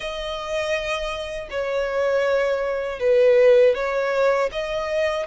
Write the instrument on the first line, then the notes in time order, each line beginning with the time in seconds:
violin
0.00 D#5
1.50 C#5
2.99 B4
3.75 C#5
4.51 D#5